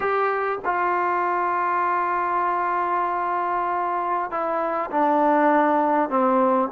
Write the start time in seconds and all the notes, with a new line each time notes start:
0.00 G4
0.64 F4
4.30 E4
4.90 D4
6.09 C4